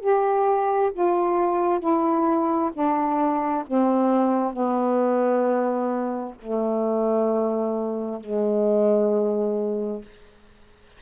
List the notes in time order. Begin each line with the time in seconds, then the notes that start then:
0.00 G4
0.93 F4
1.79 E4
2.73 D4
3.67 C4
4.52 B3
6.41 A3
8.20 G#3